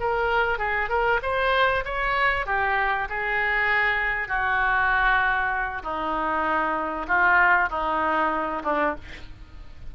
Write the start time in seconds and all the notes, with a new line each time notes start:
0.00 A#4
0.59 G#4
0.89 A#4
1.22 C5
1.85 C#5
2.46 G4
3.09 G#4
4.28 F#4
5.83 D#4
7.07 F4
7.70 D#4
8.64 D4